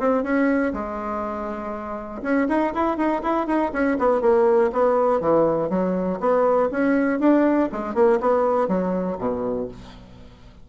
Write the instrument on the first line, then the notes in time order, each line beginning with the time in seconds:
bassoon
0.00 C4
0.24 C#4
0.74 G#3
2.23 C#4
2.49 D#4
2.74 E4
2.98 D#4
3.23 E4
3.47 D#4
3.73 C#4
3.99 B3
4.22 A#3
4.73 B3
5.21 E3
5.70 F#3
6.20 B3
6.71 C#4
7.20 D4
7.72 G#3
7.95 A#3
8.21 B3
8.68 F#3
9.19 B2